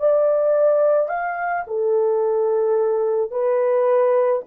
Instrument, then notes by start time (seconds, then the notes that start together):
horn
0.00 D5
1.09 F5
1.67 A4
3.31 B4